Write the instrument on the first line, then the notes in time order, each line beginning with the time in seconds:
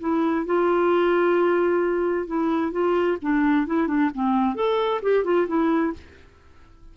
clarinet
0.00 E4
0.46 F4
2.27 E4
2.72 F4
3.22 D4
3.67 E4
3.88 D4
4.14 C4
4.55 A4
5.02 G4
5.24 F4
5.47 E4